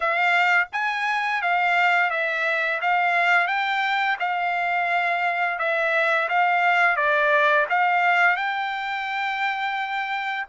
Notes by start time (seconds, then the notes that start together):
0.00 F5
0.72 G#5
1.42 F5
2.10 E5
2.81 F5
3.47 G5
4.19 F5
5.58 E5
6.29 F5
6.96 D5
7.69 F5
8.36 G5